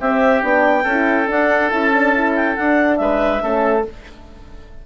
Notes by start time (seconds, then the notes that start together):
0.00 C4 G4 E5
0.42 B3 D4 G5
0.83 C#4 A4
0.90 E4
1.27 D4 F#5
1.70 C#4 E4 A5
1.95 D4
2.14 E4
2.35 G5
2.56 D4 F#5
2.97 G#3 B4 E5
3.42 A3 C#4 A4